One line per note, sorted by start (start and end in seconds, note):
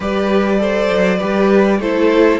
0.00 0.90 G3
0.00 0.58 G4
0.00 0.59 B4
0.00 1.81 D5
0.58 1.18 A4
0.58 1.18 C5
0.91 1.21 F#3
1.18 1.80 G3
1.18 1.79 G4
1.18 1.78 B4
1.80 2.40 A3
1.80 2.40 E4
1.80 2.40 A4
1.80 2.40 C5